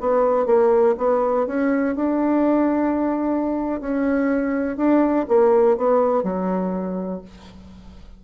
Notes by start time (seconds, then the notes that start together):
0.00 B3
0.46 A#3
0.97 B3
1.47 C#4
1.95 D4
3.80 C#4
4.76 D4
5.28 A#3
5.77 B3
6.23 F#3